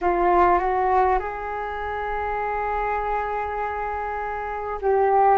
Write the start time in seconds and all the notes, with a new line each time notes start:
0.01 F4
0.58 F#4
1.19 G#4
4.81 G4